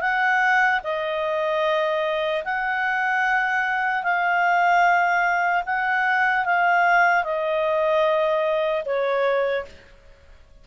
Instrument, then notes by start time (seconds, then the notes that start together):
clarinet
0.00 F#5
0.83 D#5
2.44 F#5
4.03 F5
5.65 F#5
6.45 F5
7.23 D#5
8.85 C#5